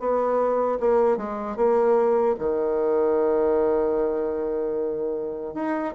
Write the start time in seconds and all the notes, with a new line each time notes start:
0.00 B3
0.80 A#3
1.18 G#3
1.57 A#3
2.39 D#3
5.55 D#4